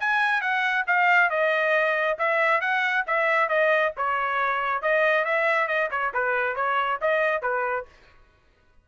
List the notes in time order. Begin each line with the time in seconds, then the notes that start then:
0.00 G#5
0.41 F#5
0.87 F5
1.30 D#5
2.18 E5
2.61 F#5
3.07 E5
3.49 D#5
3.97 C#5
4.82 D#5
5.25 E5
5.68 D#5
5.91 C#5
6.14 B4
6.56 C#5
7.01 D#5
7.42 B4